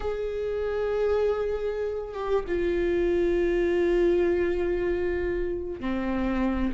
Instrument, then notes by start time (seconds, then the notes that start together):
viola
0.00 G#4
2.13 G4
2.47 F4
5.80 C4